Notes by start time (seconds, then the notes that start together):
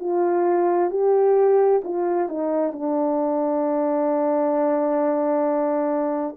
0.00 F4
0.91 G4
1.84 F4
2.29 D#4
2.73 D4